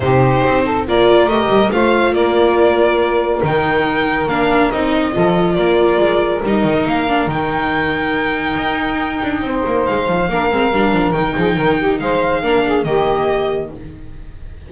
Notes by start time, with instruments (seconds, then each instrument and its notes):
0.00 double bass C3, viola D#4, saxophone G4, violin C5
0.45 double bass C4
0.64 saxophone A4
0.87 double bass A#3, viola F4, saxophone A#4, violin D5
1.26 double bass A3, viola G4, violin D#5
1.48 double bass G3
1.71 double bass A3, viola F4, saxophone C5, violin F5
2.12 double bass A#3, saxophone A#4, violin D5
3.42 double bass D#3, viola D#4, violin G5
4.27 double bass A#3, viola D4, violin F5
4.71 double bass C4, viola D#4, violin D#5
5.11 double bass F3, viola F4, saxophone A4
5.54 double bass A#3, saxophone A#4, violin D5
5.98 double bass G#3
6.42 double bass G3, viola D#4, violin D#5
6.63 double bass D#3
6.85 double bass A#3, violin F5
7.08 viola D4
7.26 double bass D#3, viola D#4, violin G5
8.56 double bass D#4
9.23 double bass D4
9.41 double bass C4, saxophone C5
9.65 double bass A#3
9.85 double bass G#3, violin F5
10.07 double bass F3
10.28 double bass A#3, viola D4, saxophone A#4
10.51 double bass G#3, viola C4
10.72 double bass G3, viola D4
10.92 double bass F3
11.12 double bass D#3, viola D#4, violin G5
11.35 double bass F3, saxophone G#4
11.54 double bass D#3, saxophone A#4
11.77 saxophone G4
11.99 double bass G#3, saxophone C5, violin F5
12.42 double bass A#3, viola D4, saxophone A#4
12.64 saxophone G#4
12.84 double bass D#3, viola A#3, saxophone G4, violin D#5